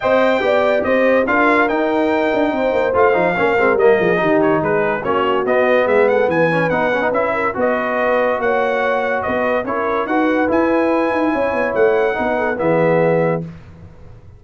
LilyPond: <<
  \new Staff \with { instrumentName = "trumpet" } { \time 4/4 \tempo 4 = 143 g''2 dis''4 f''4 | g''2. f''4~ | f''4 dis''4. cis''8 b'4 | cis''4 dis''4 e''8 fis''8 gis''4 |
fis''4 e''4 dis''2 | fis''2 dis''4 cis''4 | fis''4 gis''2. | fis''2 e''2 | }
  \new Staff \with { instrumentName = "horn" } { \time 4/4 dis''4 d''4 c''4 ais'4~ | ais'2 c''2 | ais'4. gis'8 g'4 gis'4 | fis'2 gis'8 a'8 b'4~ |
b'4. ais'8 b'2 | cis''2 b'4 ais'4 | b'2. cis''4~ | cis''4 b'8 a'8 gis'2 | }
  \new Staff \with { instrumentName = "trombone" } { \time 4/4 c''4 g'2 f'4 | dis'2. f'8 dis'8 | cis'8 c'8 ais4 dis'2 | cis'4 b2~ b8 cis'8 |
dis'8 cis'16 dis'16 e'4 fis'2~ | fis'2. e'4 | fis'4 e'2.~ | e'4 dis'4 b2 | }
  \new Staff \with { instrumentName = "tuba" } { \time 4/4 c'4 b4 c'4 d'4 | dis'4. d'8 c'8 ais8 a8 f8 | ais8 gis8 g8 f8 dis4 gis4 | ais4 b4 gis4 e4 |
b4 cis'4 b2 | ais2 b4 cis'4 | dis'4 e'4. dis'8 cis'8 b8 | a4 b4 e2 | }
>>